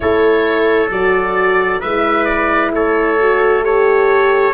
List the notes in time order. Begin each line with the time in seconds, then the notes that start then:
0.00 A3 E4 A4 C#5
0.89 F#3 F#4 D5
1.80 G#3 E4 B4 E5
2.24 D5
2.71 A3 A4 C#5
3.20 F#4
3.62 G4 A4 C#5